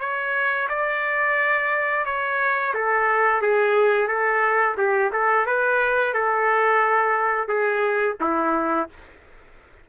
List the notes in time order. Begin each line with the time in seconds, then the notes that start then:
0.00 C#5
0.69 D5
2.05 C#5
2.74 A4
3.42 G#4
4.08 A4
4.78 G4
5.13 A4
5.46 B4
6.14 A4
7.48 G#4
8.21 E4